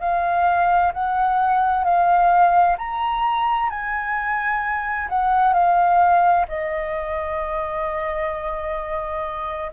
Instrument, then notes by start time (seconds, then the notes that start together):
flute
0.00 F5
0.94 F#5
1.84 F5
2.78 A#5
3.70 G#5
5.09 F#5
5.53 F5
6.48 D#5